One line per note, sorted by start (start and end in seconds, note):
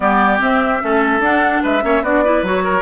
0.00 0.40 G3
0.00 0.38 B3
0.00 0.82 G4
0.00 0.39 D5
0.38 0.79 C4
0.38 0.81 C4
0.38 1.22 E5
0.81 1.19 A3
0.81 1.21 C#4
0.81 1.62 A4
1.19 1.60 D4
1.19 1.82 D4
1.19 1.62 F#5
1.62 1.83 G#3
1.62 1.83 B4
1.62 2.03 E5
1.82 2.01 A#3
1.82 2.02 C#4
1.82 2.03 C#5
2.01 2.42 B3
2.01 2.25 D4
2.01 2.23 F#4
2.01 2.44 D5
2.24 2.45 E4
2.24 2.64 B4
2.42 2.81 F#3
2.42 2.81 F#4
2.42 2.81 C#5
2.64 2.81 A#4